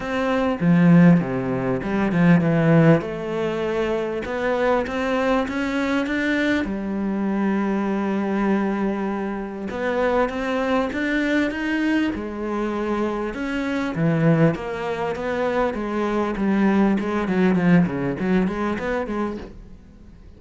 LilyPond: \new Staff \with { instrumentName = "cello" } { \time 4/4 \tempo 4 = 99 c'4 f4 c4 g8 f8 | e4 a2 b4 | c'4 cis'4 d'4 g4~ | g1 |
b4 c'4 d'4 dis'4 | gis2 cis'4 e4 | ais4 b4 gis4 g4 | gis8 fis8 f8 cis8 fis8 gis8 b8 gis8 | }